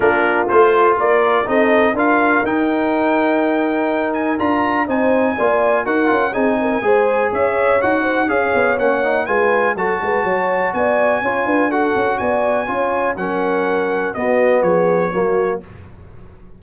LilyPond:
<<
  \new Staff \with { instrumentName = "trumpet" } { \time 4/4 \tempo 4 = 123 ais'4 c''4 d''4 dis''4 | f''4 g''2.~ | g''8 gis''8 ais''4 gis''2 | fis''4 gis''2 e''4 |
fis''4 f''4 fis''4 gis''4 | a''2 gis''2 | fis''4 gis''2 fis''4~ | fis''4 dis''4 cis''2 | }
  \new Staff \with { instrumentName = "horn" } { \time 4/4 f'2 ais'4 a'4 | ais'1~ | ais'2 c''4 d''4 | ais'4 gis'8 ais'8 c''4 cis''4~ |
cis''8 c''8 cis''2 b'4 | a'8 b'8 cis''4 d''4 cis''8 b'8 | a'4 d''4 cis''4 ais'4~ | ais'4 fis'4 gis'4 fis'4 | }
  \new Staff \with { instrumentName = "trombone" } { \time 4/4 d'4 f'2 dis'4 | f'4 dis'2.~ | dis'4 f'4 dis'4 f'4 | fis'8 f'8 dis'4 gis'2 |
fis'4 gis'4 cis'8 dis'8 f'4 | fis'2. f'4 | fis'2 f'4 cis'4~ | cis'4 b2 ais4 | }
  \new Staff \with { instrumentName = "tuba" } { \time 4/4 ais4 a4 ais4 c'4 | d'4 dis'2.~ | dis'4 d'4 c'4 ais4 | dis'8 cis'8 c'4 gis4 cis'4 |
dis'4 cis'8 b8 ais4 gis4 | fis8 gis8 fis4 b4 cis'8 d'8~ | d'8 cis'8 b4 cis'4 fis4~ | fis4 b4 f4 fis4 | }
>>